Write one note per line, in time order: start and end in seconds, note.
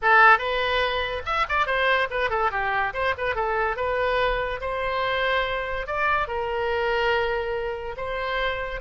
0.02 0.38 A4
0.38 1.22 B4
1.25 1.46 E5
1.48 1.66 D5
1.66 2.08 C5
2.10 2.30 B4
2.30 2.51 A4
2.51 2.93 G4
2.93 3.14 C5
3.17 3.35 B4
3.35 3.76 A4
3.76 4.60 B4
4.60 5.86 C5
5.86 6.27 D5
6.27 7.95 A#4
7.96 8.80 C5